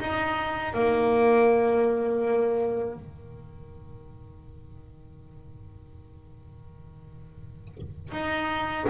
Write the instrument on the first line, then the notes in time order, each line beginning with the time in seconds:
double bass
0.00 D#4
0.74 A#3
2.96 D#3
8.12 D#4